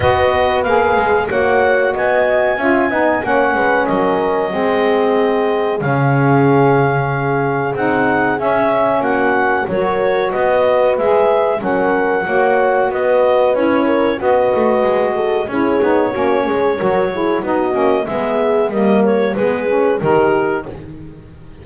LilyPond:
<<
  \new Staff \with { instrumentName = "clarinet" } { \time 4/4 \tempo 4 = 93 dis''4 f''4 fis''4 gis''4~ | gis''4 fis''4 dis''2~ | dis''4 f''2. | fis''4 e''4 fis''4 cis''4 |
dis''4 e''4 fis''2 | dis''4 cis''4 dis''2 | cis''2. dis''4 | e''4 dis''8 cis''8 b'4 ais'4 | }
  \new Staff \with { instrumentName = "horn" } { \time 4/4 b'2 cis''4 dis''4 | e''8 dis''8 cis''8 b'8 ais'4 gis'4~ | gis'1~ | gis'2 fis'4 ais'4 |
b'2 ais'4 cis''4 | b'4. ais'8 b'4. a'8 | gis'4 fis'8 gis'8 ais'8 gis'8 fis'4 | gis'4 ais'4 gis'4 g'4 | }
  \new Staff \with { instrumentName = "saxophone" } { \time 4/4 fis'4 gis'4 fis'2 | f'8 dis'8 cis'2 c'4~ | c'4 cis'2. | dis'4 cis'2 fis'4~ |
fis'4 gis'4 cis'4 fis'4~ | fis'4 e'4 fis'2 | e'8 dis'8 cis'4 fis'8 e'8 dis'8 cis'8 | b4 ais4 b8 cis'8 dis'4 | }
  \new Staff \with { instrumentName = "double bass" } { \time 4/4 b4 ais8 gis8 ais4 b4 | cis'8 b8 ais8 gis8 fis4 gis4~ | gis4 cis2. | c'4 cis'4 ais4 fis4 |
b4 gis4 fis4 ais4 | b4 cis'4 b8 a8 gis4 | cis'8 b8 ais8 gis8 fis4 b8 ais8 | gis4 g4 gis4 dis4 | }
>>